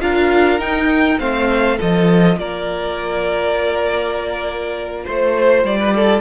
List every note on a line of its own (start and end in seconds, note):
0.00 0.59 D4
0.00 0.59 F4
0.00 1.19 A#4
0.00 0.60 F5
0.59 1.19 D#4
0.59 1.19 G5
1.19 1.78 A3
1.19 1.78 C4
1.19 1.77 C5
1.19 1.78 F5
1.77 2.37 F3
1.77 6.21 F4
1.77 2.36 A4
1.77 2.38 D#5
2.37 5.05 A#3
2.37 5.04 A#4
2.37 5.05 D5
5.04 5.63 A3
5.04 5.78 C5
5.04 5.66 C5
5.63 6.21 G3
5.63 6.21 D5
5.79 5.94 B4
5.95 6.21 A4